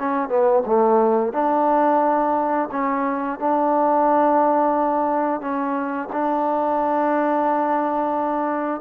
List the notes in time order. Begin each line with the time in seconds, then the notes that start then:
0.00 C#4
0.29 B3
0.66 A3
1.33 D4
2.72 C#4
3.39 D4
5.41 C#4
6.13 D4